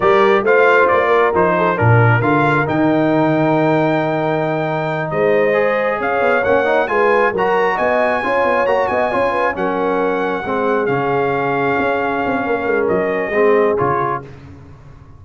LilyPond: <<
  \new Staff \with { instrumentName = "trumpet" } { \time 4/4 \tempo 4 = 135 d''4 f''4 d''4 c''4 | ais'4 f''4 g''2~ | g''2.~ g''8 dis''8~ | dis''4. f''4 fis''4 gis''8~ |
gis''8 ais''4 gis''2 ais''8 | gis''4. fis''2~ fis''8~ | fis''8 f''2.~ f''8~ | f''4 dis''2 cis''4 | }
  \new Staff \with { instrumentName = "horn" } { \time 4/4 ais'4 c''4. ais'4 a'8 | ais'1~ | ais'2.~ ais'8 c''8~ | c''4. cis''2 b'8~ |
b'8 ais'4 dis''4 cis''4. | dis''8 cis''8 b'8 ais'2 gis'8~ | gis'1 | ais'2 gis'2 | }
  \new Staff \with { instrumentName = "trombone" } { \time 4/4 g'4 f'2 dis'4 | d'4 f'4 dis'2~ | dis'1~ | dis'8 gis'2 cis'8 dis'8 f'8~ |
f'8 fis'2 f'4 fis'8~ | fis'8 f'4 cis'2 c'8~ | c'8 cis'2.~ cis'8~ | cis'2 c'4 f'4 | }
  \new Staff \with { instrumentName = "tuba" } { \time 4/4 g4 a4 ais4 f4 | ais,4 d4 dis2~ | dis2.~ dis8 gis8~ | gis4. cis'8 b8 ais4 gis8~ |
gis8 fis4 b4 cis'8 b8 ais8 | b8 cis'4 fis2 gis8~ | gis8 cis2 cis'4 c'8 | ais8 gis8 fis4 gis4 cis4 | }
>>